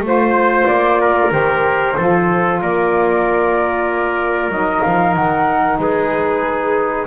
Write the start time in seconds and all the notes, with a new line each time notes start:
0.00 A3 F4 C5
0.08 C5
0.67 A#3 D5
1.01 A#4
1.30 D#3 G4 C5
1.97 F3 F4 A4
2.61 A#3 A#4 D5
4.48 F#3 D#4 D#5
4.82 F3 F5
5.15 D#3 F#5
5.78 G#3 G#4 B4